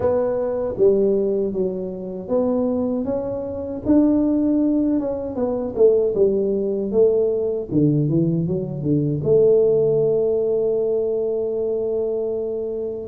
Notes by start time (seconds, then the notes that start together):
0.00 B3
0.77 G3
1.52 F#3
2.28 B3
3.05 C#4
3.85 D4
4.99 C#4
5.35 B3
5.75 A3
6.14 G3
6.91 A3
7.71 D3
8.08 E3
8.47 F#3
8.82 D3
9.23 A3